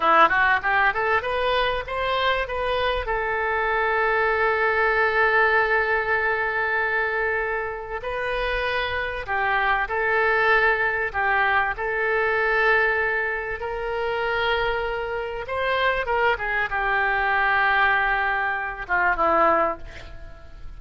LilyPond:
\new Staff \with { instrumentName = "oboe" } { \time 4/4 \tempo 4 = 97 e'8 fis'8 g'8 a'8 b'4 c''4 | b'4 a'2.~ | a'1~ | a'4 b'2 g'4 |
a'2 g'4 a'4~ | a'2 ais'2~ | ais'4 c''4 ais'8 gis'8 g'4~ | g'2~ g'8 f'8 e'4 | }